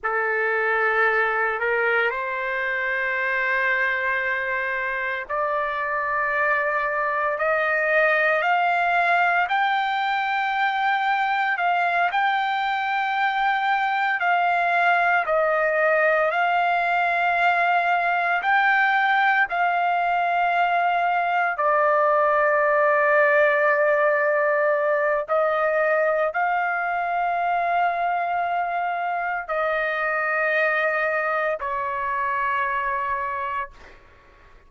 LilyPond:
\new Staff \with { instrumentName = "trumpet" } { \time 4/4 \tempo 4 = 57 a'4. ais'8 c''2~ | c''4 d''2 dis''4 | f''4 g''2 f''8 g''8~ | g''4. f''4 dis''4 f''8~ |
f''4. g''4 f''4.~ | f''8 d''2.~ d''8 | dis''4 f''2. | dis''2 cis''2 | }